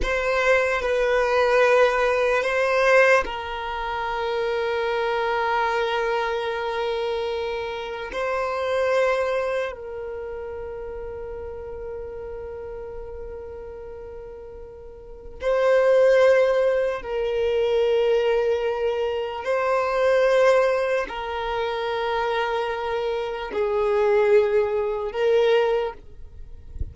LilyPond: \new Staff \with { instrumentName = "violin" } { \time 4/4 \tempo 4 = 74 c''4 b'2 c''4 | ais'1~ | ais'2 c''2 | ais'1~ |
ais'2. c''4~ | c''4 ais'2. | c''2 ais'2~ | ais'4 gis'2 ais'4 | }